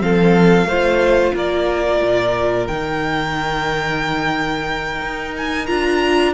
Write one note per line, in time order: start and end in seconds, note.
0.00 0.66 F3
0.00 0.67 C4
0.00 0.68 A4
0.00 1.36 F5
0.66 1.32 A3
0.66 2.71 F4
0.66 1.35 C5
1.34 2.01 A#3
1.34 6.34 A#4
1.34 2.67 D5
2.02 2.68 A#2
2.67 5.02 D#3
2.67 5.69 D#4
2.67 5.34 G5
5.02 5.68 D#4
5.38 5.67 G#5
5.67 6.34 D4
5.67 6.34 F4
5.67 6.33 A#5